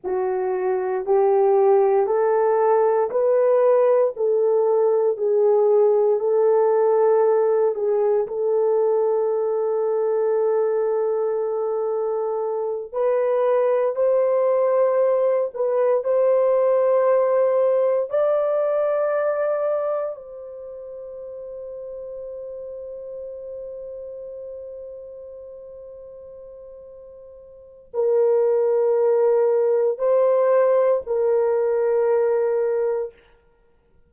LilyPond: \new Staff \with { instrumentName = "horn" } { \time 4/4 \tempo 4 = 58 fis'4 g'4 a'4 b'4 | a'4 gis'4 a'4. gis'8 | a'1~ | a'8 b'4 c''4. b'8 c''8~ |
c''4. d''2 c''8~ | c''1~ | c''2. ais'4~ | ais'4 c''4 ais'2 | }